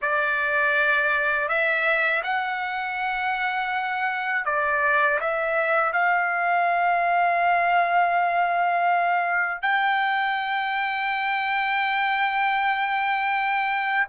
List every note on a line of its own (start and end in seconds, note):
0.01 1.48 D5
1.48 2.22 E5
2.23 4.45 F#5
4.45 5.19 D5
5.20 5.93 E5
5.93 9.62 F5
9.62 14.06 G5